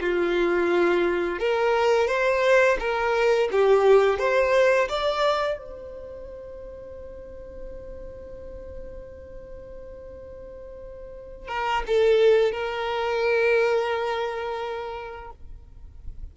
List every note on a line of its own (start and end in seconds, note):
0.00 1.39 F4
1.39 2.08 A#4
2.08 2.77 C5
2.79 3.49 A#4
3.52 4.19 G4
4.19 4.88 C5
4.89 5.58 D5
5.58 11.48 C5
11.48 11.83 A#4
11.87 12.52 A4
12.52 15.31 A#4